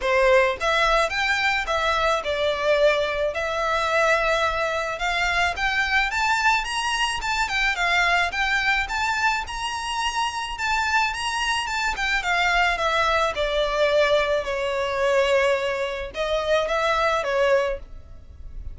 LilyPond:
\new Staff \with { instrumentName = "violin" } { \time 4/4 \tempo 4 = 108 c''4 e''4 g''4 e''4 | d''2 e''2~ | e''4 f''4 g''4 a''4 | ais''4 a''8 g''8 f''4 g''4 |
a''4 ais''2 a''4 | ais''4 a''8 g''8 f''4 e''4 | d''2 cis''2~ | cis''4 dis''4 e''4 cis''4 | }